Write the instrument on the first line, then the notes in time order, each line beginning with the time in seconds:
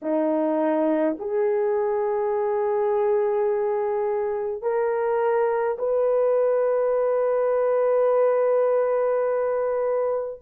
horn
0.02 D#4
1.19 G#4
4.62 A#4
5.78 B4